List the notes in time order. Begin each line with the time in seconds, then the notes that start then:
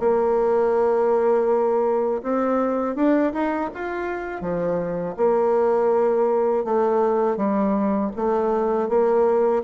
0.00 A#3
2.23 C4
2.96 D4
3.33 D#4
3.75 F4
4.42 F3
5.17 A#3
6.65 A3
7.37 G3
8.16 A3
8.89 A#3